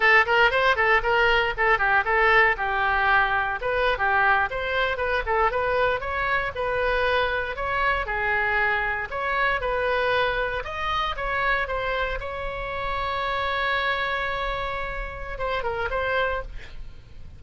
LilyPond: \new Staff \with { instrumentName = "oboe" } { \time 4/4 \tempo 4 = 117 a'8 ais'8 c''8 a'8 ais'4 a'8 g'8 | a'4 g'2 b'8. g'16~ | g'8. c''4 b'8 a'8 b'4 cis''16~ | cis''8. b'2 cis''4 gis'16~ |
gis'4.~ gis'16 cis''4 b'4~ b'16~ | b'8. dis''4 cis''4 c''4 cis''16~ | cis''1~ | cis''2 c''8 ais'8 c''4 | }